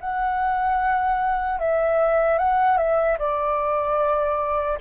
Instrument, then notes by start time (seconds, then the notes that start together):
flute
0.00 F#5
1.59 E5
2.38 F#5
2.77 E5
3.18 D5